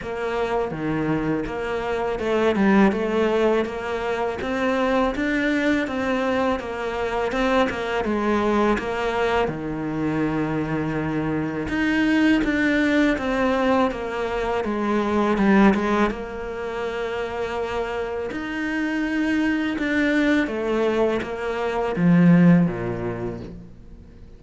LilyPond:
\new Staff \with { instrumentName = "cello" } { \time 4/4 \tempo 4 = 82 ais4 dis4 ais4 a8 g8 | a4 ais4 c'4 d'4 | c'4 ais4 c'8 ais8 gis4 | ais4 dis2. |
dis'4 d'4 c'4 ais4 | gis4 g8 gis8 ais2~ | ais4 dis'2 d'4 | a4 ais4 f4 ais,4 | }